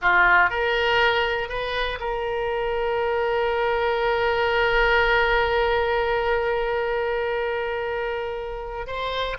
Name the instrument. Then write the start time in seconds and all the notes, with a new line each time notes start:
oboe
0.01 F4
0.50 A#4
1.48 B4
2.00 A#4
8.86 C5